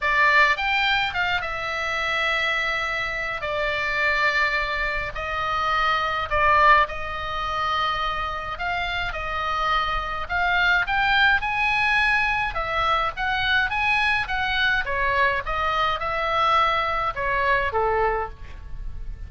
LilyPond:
\new Staff \with { instrumentName = "oboe" } { \time 4/4 \tempo 4 = 105 d''4 g''4 f''8 e''4.~ | e''2 d''2~ | d''4 dis''2 d''4 | dis''2. f''4 |
dis''2 f''4 g''4 | gis''2 e''4 fis''4 | gis''4 fis''4 cis''4 dis''4 | e''2 cis''4 a'4 | }